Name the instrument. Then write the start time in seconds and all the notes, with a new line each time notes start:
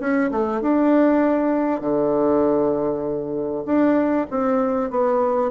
bassoon
0.00 C#4
0.31 A3
0.61 D4
1.81 D3
3.66 D4
4.31 C4
4.90 B3